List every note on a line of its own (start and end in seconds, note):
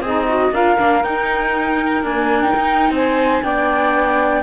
0.00 0.50 C4
0.00 0.53 D#4
0.00 0.26 G#4
0.00 0.54 D#5
0.29 0.54 F#4
0.51 0.76 D4
0.51 0.78 F4
0.51 2.93 A#4
0.51 1.03 F5
0.78 1.04 A#3
0.78 1.03 D4
1.03 2.04 D#4
1.03 2.03 D#4
1.03 2.04 G5
2.03 2.42 A#3
2.03 2.53 D4
2.03 2.42 G#5
2.42 3.42 D#4
2.42 2.93 G5
2.56 2.90 D#4
2.90 3.40 C4
2.90 3.44 C5
2.90 3.44 G#5
3.42 4.43 B3
3.42 4.43 D4
3.42 4.43 D5
3.42 4.43 G5